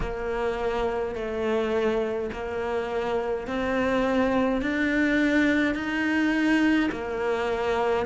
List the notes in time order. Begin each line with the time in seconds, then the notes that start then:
0.00 A#3
1.15 A3
2.32 A#3
3.47 C4
4.61 D4
5.74 D#4
6.91 A#3